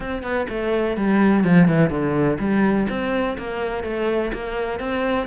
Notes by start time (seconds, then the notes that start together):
0.00 C4
0.23 B3
0.49 A3
0.96 G3
1.44 F3
1.68 E3
1.90 D3
2.39 G3
2.89 C4
3.38 A#3
3.83 A3
4.33 A#3
4.79 C4